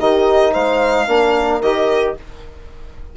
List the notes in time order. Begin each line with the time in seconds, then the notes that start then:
0.00 D#3 D#4 G4 D#5
0.52 G#3 C5 F5
1.07 A#3 D4 A#4
1.62 D#3 G4 D#5